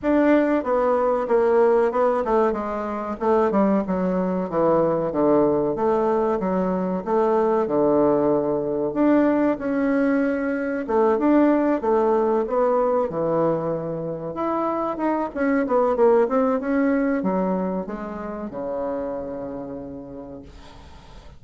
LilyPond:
\new Staff \with { instrumentName = "bassoon" } { \time 4/4 \tempo 4 = 94 d'4 b4 ais4 b8 a8 | gis4 a8 g8 fis4 e4 | d4 a4 fis4 a4 | d2 d'4 cis'4~ |
cis'4 a8 d'4 a4 b8~ | b8 e2 e'4 dis'8 | cis'8 b8 ais8 c'8 cis'4 fis4 | gis4 cis2. | }